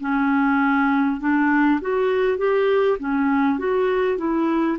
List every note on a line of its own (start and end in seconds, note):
0.00 1.20 C#4
1.20 1.80 D4
1.81 2.38 F#4
2.38 2.98 G4
2.99 3.58 C#4
3.58 4.18 F#4
4.18 4.78 E4